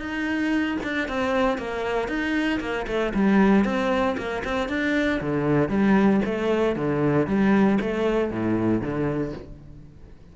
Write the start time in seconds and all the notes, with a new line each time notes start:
0.00 D#4
0.84 D4
1.08 C4
1.58 A#3
2.08 D#4
2.61 A#3
2.87 A3
3.14 G3
3.65 C4
4.18 A#3
4.44 C4
4.69 D4
5.21 D3
5.69 G3
6.25 A3
6.76 D3
7.27 G3
7.81 A3
8.31 A2
8.82 D3